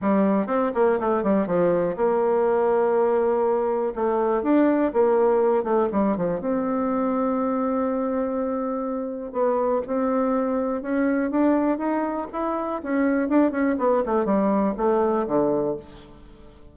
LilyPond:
\new Staff \with { instrumentName = "bassoon" } { \time 4/4 \tempo 4 = 122 g4 c'8 ais8 a8 g8 f4 | ais1 | a4 d'4 ais4. a8 | g8 f8 c'2.~ |
c'2. b4 | c'2 cis'4 d'4 | dis'4 e'4 cis'4 d'8 cis'8 | b8 a8 g4 a4 d4 | }